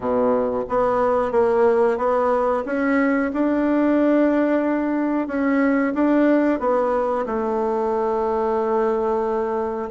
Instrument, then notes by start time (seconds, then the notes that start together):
bassoon
0.00 B2
0.68 B3
1.31 A#3
1.98 B3
2.65 C#4
3.33 D4
5.27 C#4
5.94 D4
6.59 B3
7.25 A3